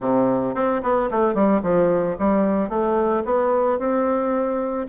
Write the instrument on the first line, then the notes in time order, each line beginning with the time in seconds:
bassoon
0.00 C3
0.54 C4
0.82 B3
1.11 A3
1.34 G3
1.62 F3
2.19 G3
2.69 A3
3.24 B3
3.78 C4